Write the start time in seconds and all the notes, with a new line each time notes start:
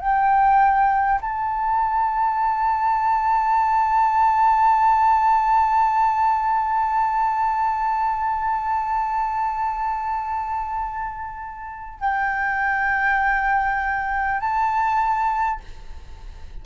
0.00 G5
1.21 A5
12.00 G5
14.40 A5